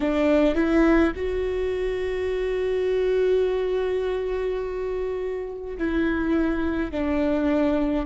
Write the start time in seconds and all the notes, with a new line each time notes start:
0.00 D4
0.55 E4
1.15 F#4
5.77 E4
6.91 D4